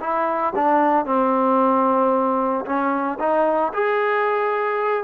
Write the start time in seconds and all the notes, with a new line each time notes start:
0.00 E4
0.55 D4
1.05 C4
2.65 C#4
3.19 D#4
3.73 G#4